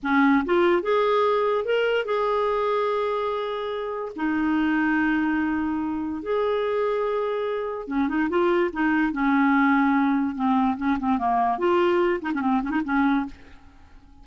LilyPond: \new Staff \with { instrumentName = "clarinet" } { \time 4/4 \tempo 4 = 145 cis'4 f'4 gis'2 | ais'4 gis'2.~ | gis'2 dis'2~ | dis'2. gis'4~ |
gis'2. cis'8 dis'8 | f'4 dis'4 cis'2~ | cis'4 c'4 cis'8 c'8 ais4 | f'4. dis'16 cis'16 c'8 cis'16 dis'16 cis'4 | }